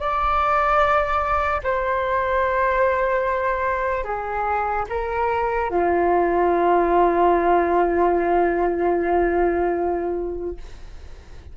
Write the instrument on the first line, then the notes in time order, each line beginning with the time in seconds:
flute
0.00 D5
1.64 C5
4.05 G#4
4.90 A#4
5.71 F4